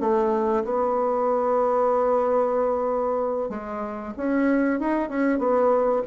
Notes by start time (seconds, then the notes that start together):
0.00 A3
0.64 B3
3.49 G#3
4.17 C#4
4.80 D#4
5.09 C#4
5.38 B3